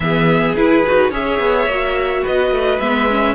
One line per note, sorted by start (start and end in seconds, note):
0.00 0.54 E3
0.00 0.57 B3
0.00 1.09 G#4
0.00 0.55 E5
0.55 0.83 E4
0.55 0.85 E4
0.55 1.12 B4
0.86 1.11 D#4
0.86 1.12 F#4
1.09 1.39 C#4
1.09 1.68 G#4
1.09 2.21 C#5
1.09 2.26 E5
1.39 1.66 B3
1.66 2.22 A#3
1.66 2.81 F#4
2.21 2.50 B3
2.21 3.34 B4
2.21 2.79 D#5
2.50 2.79 A3
2.79 3.34 G#3
2.79 3.09 B3
2.79 3.34 E5
3.10 3.34 C#4